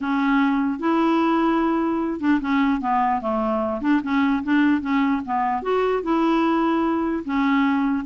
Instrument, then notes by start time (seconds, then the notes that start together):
clarinet
0.01 C#4
0.79 E4
2.20 D4
2.40 C#4
2.80 B3
3.21 A3
3.81 D4
4.02 C#4
4.43 D4
4.81 C#4
5.25 B3
5.62 F#4
6.02 E4
7.24 C#4